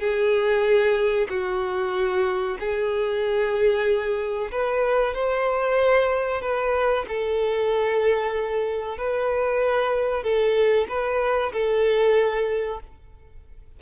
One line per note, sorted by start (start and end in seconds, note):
0.00 1.28 G#4
1.30 2.58 F#4
2.60 4.51 G#4
4.52 5.15 B4
5.15 6.42 C5
6.42 7.06 B4
7.09 8.98 A4
8.98 10.24 B4
10.24 10.88 A4
10.89 11.53 B4
11.53 12.80 A4